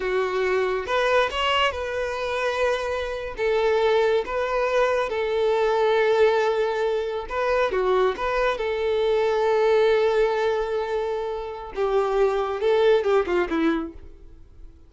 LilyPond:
\new Staff \with { instrumentName = "violin" } { \time 4/4 \tempo 4 = 138 fis'2 b'4 cis''4 | b'2.~ b'8. a'16~ | a'4.~ a'16 b'2 a'16~ | a'1~ |
a'8. b'4 fis'4 b'4 a'16~ | a'1~ | a'2. g'4~ | g'4 a'4 g'8 f'8 e'4 | }